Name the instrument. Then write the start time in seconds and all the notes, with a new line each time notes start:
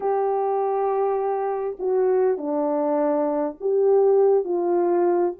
horn
0.00 G4
1.79 F#4
2.37 D4
3.60 G4
4.44 F4